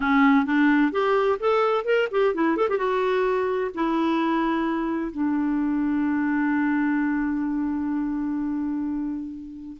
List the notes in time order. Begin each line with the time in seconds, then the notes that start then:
0.00 C#4
0.45 D4
0.92 G4
1.39 A4
1.85 A#4
2.11 G4
2.34 E4
2.56 A4
2.68 G4
2.78 F#4
3.74 E4
5.11 D4